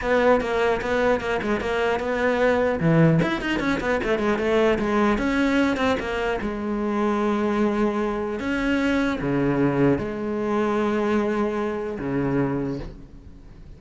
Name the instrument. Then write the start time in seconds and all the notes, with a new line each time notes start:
cello
0.01 B3
0.40 A#3
0.81 B3
1.20 A#3
1.42 G#3
1.60 A#3
1.99 B3
2.80 E3
3.22 E4
3.41 D#4
3.59 C#4
3.80 B3
4.03 A3
4.18 G#3
4.38 A3
4.78 G#3
5.17 C#4
5.77 C4
5.99 A#3
6.41 G#3
8.39 C#4
9.20 C#3
9.98 G#3
11.99 C#3